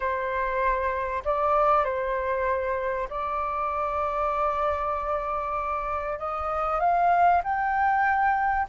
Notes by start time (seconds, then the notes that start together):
0.00 C5
1.24 D5
1.84 C5
3.09 D5
6.19 D#5
6.80 F5
7.43 G5